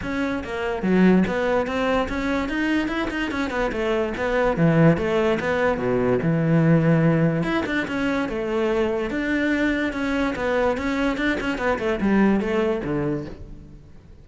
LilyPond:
\new Staff \with { instrumentName = "cello" } { \time 4/4 \tempo 4 = 145 cis'4 ais4 fis4 b4 | c'4 cis'4 dis'4 e'8 dis'8 | cis'8 b8 a4 b4 e4 | a4 b4 b,4 e4~ |
e2 e'8 d'8 cis'4 | a2 d'2 | cis'4 b4 cis'4 d'8 cis'8 | b8 a8 g4 a4 d4 | }